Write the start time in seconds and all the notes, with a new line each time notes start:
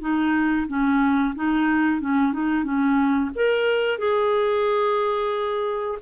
0.00 D#4
0.68 C#4
1.35 D#4
2.01 C#4
2.33 D#4
2.64 C#4
3.35 A#4
3.98 G#4